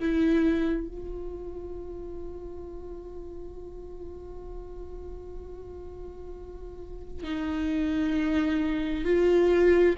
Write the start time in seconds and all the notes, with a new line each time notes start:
0.00 E4
0.88 F4
7.24 D#4
9.05 F4